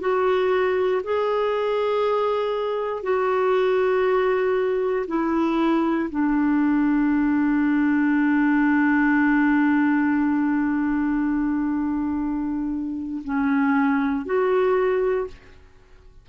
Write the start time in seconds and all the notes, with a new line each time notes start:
0.00 F#4
1.04 G#4
3.03 F#4
5.08 E4
6.10 D4
13.24 C#4
14.26 F#4